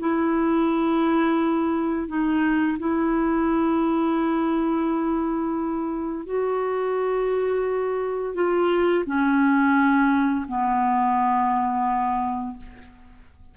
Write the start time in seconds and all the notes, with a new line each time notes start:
0.00 E4
2.09 D#4
2.79 E4
6.26 F#4
8.35 F4
9.07 C#4
10.48 B3